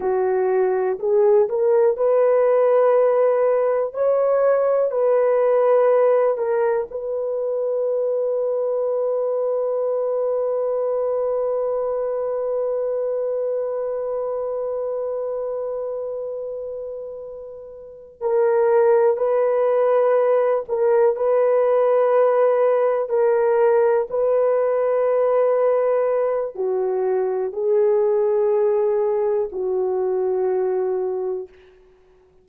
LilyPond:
\new Staff \with { instrumentName = "horn" } { \time 4/4 \tempo 4 = 61 fis'4 gis'8 ais'8 b'2 | cis''4 b'4. ais'8 b'4~ | b'1~ | b'1~ |
b'2~ b'8 ais'4 b'8~ | b'4 ais'8 b'2 ais'8~ | ais'8 b'2~ b'8 fis'4 | gis'2 fis'2 | }